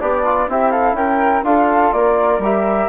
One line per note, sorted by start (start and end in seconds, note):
0.00 0.48 B3
0.00 0.48 D4
0.00 0.25 G4
0.00 0.49 D5
0.25 0.49 F4
0.48 0.93 C4
0.48 1.44 E4
0.48 0.72 G4
0.48 0.71 E5
0.71 0.96 A4
0.71 0.95 F5
0.93 1.41 C#4
0.93 1.45 A#4
0.93 1.44 G5
1.43 1.92 D4
1.43 2.41 F4
1.43 1.95 A4
1.43 1.92 F5
1.93 2.39 A#3
1.93 2.89 A#4
1.93 2.41 D5
2.39 2.87 G3
2.39 2.89 G4
2.39 2.89 E5